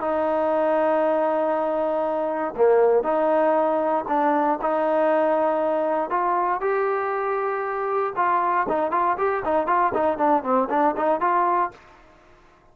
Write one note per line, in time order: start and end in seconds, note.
0.00 2.54 D#4
2.56 3.03 A#3
3.03 4.04 D#4
4.08 4.59 D4
4.61 6.09 D#4
6.09 6.60 F4
6.60 8.13 G4
8.16 8.66 F4
8.68 8.91 D#4
8.91 9.16 F4
9.17 9.43 G4
9.44 9.67 D#4
9.67 9.92 F4
9.94 10.17 D#4
10.17 10.43 D4
10.43 10.68 C4
10.69 10.95 D4
10.96 11.20 D#4
11.20 11.71 F4